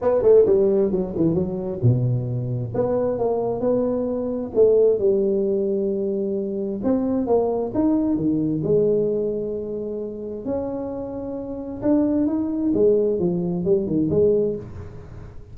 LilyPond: \new Staff \with { instrumentName = "tuba" } { \time 4/4 \tempo 4 = 132 b8 a8 g4 fis8 e8 fis4 | b,2 b4 ais4 | b2 a4 g4~ | g2. c'4 |
ais4 dis'4 dis4 gis4~ | gis2. cis'4~ | cis'2 d'4 dis'4 | gis4 f4 g8 dis8 gis4 | }